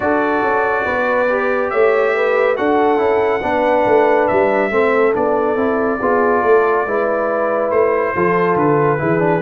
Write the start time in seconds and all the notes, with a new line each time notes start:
0.00 D4 F#4 A4 D5
0.42 C#4
0.84 B3 B4
1.29 G4
1.70 A3 C#5 E5
2.15 B4
2.56 D4 F#4 A4 F#5
2.97 C#4 E4
3.42 B3 D4 B4
3.86 A3
4.27 G3 E5
4.70 A3 C4 A4
5.13 B3 D4 D5
5.56 C4 E4
5.99 B3 F4 G#4
6.42 A3 A4
6.86 G#3 E4 B4
7.71 A3 C5
8.14 F3 F4 A4
8.55 D3 B4
8.98 E3 E4 G#4
9.19 D4